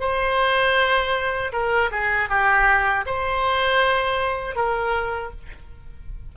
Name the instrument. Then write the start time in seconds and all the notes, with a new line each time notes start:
oboe
0.00 C5
1.52 A#4
1.91 G#4
2.29 G4
3.06 C5
4.55 A#4